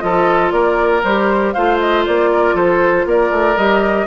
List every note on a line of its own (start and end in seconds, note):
0.00 0.52 F3
0.00 1.02 F4
0.00 0.53 A4
0.00 0.51 D#5
0.51 1.03 A#3
0.51 1.54 A#4
0.51 1.02 D5
1.04 1.55 G3
1.04 1.56 G4
1.04 1.53 C5
1.53 2.07 A3
1.53 3.57 F4
1.53 2.30 C5
1.53 1.79 F5
1.80 2.05 D#5
2.06 2.54 A#3
2.06 2.57 D5
2.33 2.55 A#4
2.54 3.05 F3
2.54 3.06 A4
2.54 3.08 C5
3.06 3.31 A#3
3.06 4.07 A#4
3.06 3.58 D5
3.31 3.56 A3
3.57 4.07 G3
3.57 4.07 G4
3.57 4.07 D#5